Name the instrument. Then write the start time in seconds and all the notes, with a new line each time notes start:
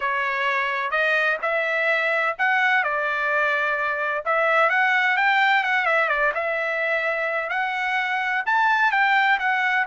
trumpet
0.00 C#5
0.90 D#5
1.42 E5
2.38 F#5
2.83 D5
4.25 E5
4.69 F#5
5.16 G5
5.63 F#5
5.85 E5
6.09 D5
6.34 E5
7.49 F#5
8.46 A5
8.91 G5
9.39 F#5